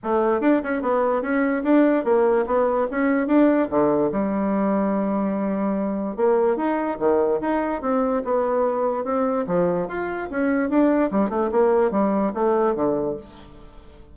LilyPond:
\new Staff \with { instrumentName = "bassoon" } { \time 4/4 \tempo 4 = 146 a4 d'8 cis'8 b4 cis'4 | d'4 ais4 b4 cis'4 | d'4 d4 g2~ | g2. ais4 |
dis'4 dis4 dis'4 c'4 | b2 c'4 f4 | f'4 cis'4 d'4 g8 a8 | ais4 g4 a4 d4 | }